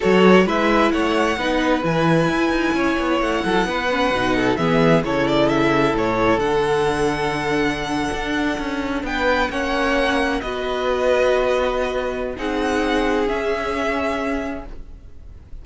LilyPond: <<
  \new Staff \with { instrumentName = "violin" } { \time 4/4 \tempo 4 = 131 cis''4 e''4 fis''2 | gis''2. fis''4~ | fis''2 e''4 cis''8 d''8 | e''4 cis''4 fis''2~ |
fis''2.~ fis''8. g''16~ | g''8. fis''2 dis''4~ dis''16~ | dis''2. fis''4~ | fis''4 e''2. | }
  \new Staff \with { instrumentName = "violin" } { \time 4/4 a'4 b'4 cis''4 b'4~ | b'2 cis''4. a'8 | b'4. a'8 gis'4 a'4~ | a'1~ |
a'2.~ a'8. b'16~ | b'8. cis''2 b'4~ b'16~ | b'2. gis'4~ | gis'1 | }
  \new Staff \with { instrumentName = "viola" } { \time 4/4 fis'4 e'2 dis'4 | e'1~ | e'8 cis'8 dis'4 b4 e'4~ | e'2 d'2~ |
d'1~ | d'8. cis'2 fis'4~ fis'16~ | fis'2. dis'4~ | dis'4 cis'2. | }
  \new Staff \with { instrumentName = "cello" } { \time 4/4 fis4 gis4 a4 b4 | e4 e'8 dis'8 cis'8 b8 a8 fis8 | b4 b,4 e4 cis4~ | cis4 a,4 d2~ |
d4.~ d16 d'4 cis'4 b16~ | b8. ais2 b4~ b16~ | b2. c'4~ | c'4 cis'2. | }
>>